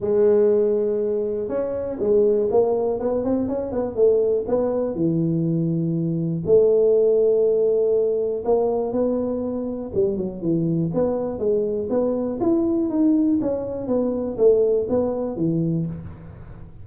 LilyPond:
\new Staff \with { instrumentName = "tuba" } { \time 4/4 \tempo 4 = 121 gis2. cis'4 | gis4 ais4 b8 c'8 cis'8 b8 | a4 b4 e2~ | e4 a2.~ |
a4 ais4 b2 | g8 fis8 e4 b4 gis4 | b4 e'4 dis'4 cis'4 | b4 a4 b4 e4 | }